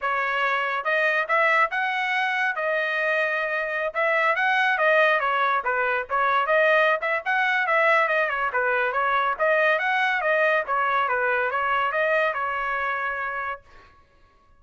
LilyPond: \new Staff \with { instrumentName = "trumpet" } { \time 4/4 \tempo 4 = 141 cis''2 dis''4 e''4 | fis''2 dis''2~ | dis''4~ dis''16 e''4 fis''4 dis''8.~ | dis''16 cis''4 b'4 cis''4 dis''8.~ |
dis''8 e''8 fis''4 e''4 dis''8 cis''8 | b'4 cis''4 dis''4 fis''4 | dis''4 cis''4 b'4 cis''4 | dis''4 cis''2. | }